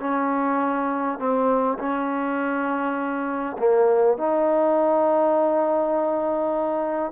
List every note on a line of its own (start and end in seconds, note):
0.00 1.19 C#4
1.19 1.78 C4
1.79 3.57 C#4
3.58 4.18 A#3
4.18 7.11 D#4